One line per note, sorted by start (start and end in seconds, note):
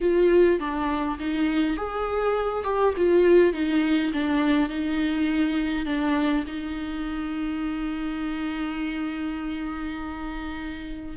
0.00 0.59 F4
0.59 1.18 D4
1.19 1.76 D#4
1.76 2.64 G#4
2.64 2.93 G4
2.97 3.53 F4
3.53 4.12 D#4
4.12 4.69 D4
4.69 5.85 D#4
5.85 6.44 D4
6.47 11.17 D#4